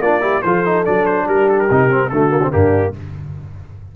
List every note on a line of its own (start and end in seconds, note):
0.00 0.42 A#3
0.00 0.20 D4
0.00 0.21 F4
0.00 0.42 D5
0.20 0.41 E4
0.20 0.42 G4
0.42 0.86 F3
0.42 0.65 F4
0.42 1.24 A4
0.42 0.84 C5
0.65 0.84 D#4
0.84 1.25 F#3
0.84 1.68 D4
0.84 1.05 D5
1.05 1.26 C5
1.24 1.67 G3
1.24 2.08 G4
1.24 1.49 A#4
1.49 1.59 A4
1.59 2.09 A#4
1.70 2.11 C3
1.70 1.89 D#4
1.89 2.10 C4
2.09 2.53 D3
2.09 2.30 A3
2.09 2.52 F#4
2.09 2.51 A4
2.30 2.40 A#3
2.43 2.51 C4
2.51 2.95 G2
2.51 2.93 A#3
2.51 2.94 D4
2.51 2.94 G4